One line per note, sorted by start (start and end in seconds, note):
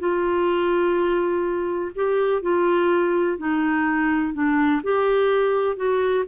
0.00 1.92 F4
1.95 2.42 G4
2.42 3.38 F4
3.38 4.34 D#4
4.34 4.82 D4
4.83 5.77 G4
5.77 6.25 F#4